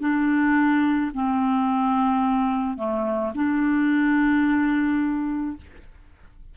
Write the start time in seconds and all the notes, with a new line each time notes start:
0.00 D4
1.14 C4
2.77 A3
3.34 D4